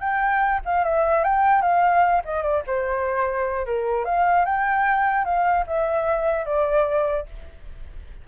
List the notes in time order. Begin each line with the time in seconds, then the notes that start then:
0.00 G5
0.65 F5
0.84 E5
1.24 G5
1.62 F5
2.25 D#5
2.43 D5
2.67 C5
3.66 A#4
4.05 F5
4.45 G5
5.25 F5
5.67 E5
6.46 D5